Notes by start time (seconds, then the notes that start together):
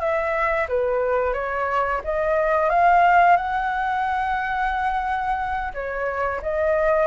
0.00 E5
0.69 B4
1.34 C#5
2.04 D#5
2.69 F5
3.37 F#5
5.74 C#5
6.42 D#5